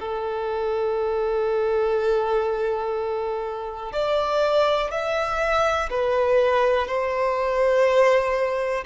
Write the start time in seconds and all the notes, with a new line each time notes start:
0.00 A4
3.93 D5
4.91 E5
5.91 B4
6.88 C5